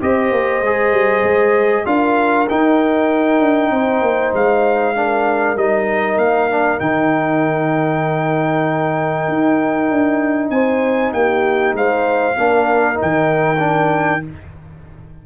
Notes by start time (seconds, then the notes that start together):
0.00 C4 G4 C5 D#5
0.31 A#3
0.61 G#3 G#4
0.91 G3
1.23 G#3
1.85 D4 F4 A#4 F5
2.48 D#4 G5
3.39 D4
3.70 C4 C5
4.01 A#3
4.33 G#3 F5
4.95 D4 A#4
5.56 G3 D#4 D#5
6.17 A#3 F5
6.50 D4
6.78 D#3 D#4 G5
9.27 D#4
9.90 D4
10.50 C4 C5 G#5
11.13 A#3 G4 G5
11.73 G#3 C5 F5
12.37 A#3 D4 A#4
12.94 D#4
13.01 D#3 G5
13.58 D4